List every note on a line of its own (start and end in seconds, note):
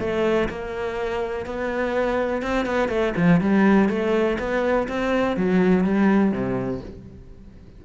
0.00 0.49 A3
0.49 1.46 A#3
1.46 2.43 B3
2.43 2.66 C4
2.66 2.89 B3
2.89 3.13 A3
3.17 3.41 F3
3.41 3.90 G3
3.90 4.38 A3
4.39 4.88 B3
4.88 5.37 C4
5.37 5.84 F#3
5.84 6.32 G3
6.32 6.81 C3